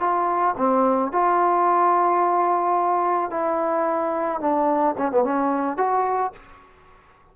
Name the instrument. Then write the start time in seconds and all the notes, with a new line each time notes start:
trombone
0.00 F4
0.57 C4
1.12 F4
3.30 E4
4.40 D4
4.98 C#4
5.11 B3
5.23 C#4
5.77 F#4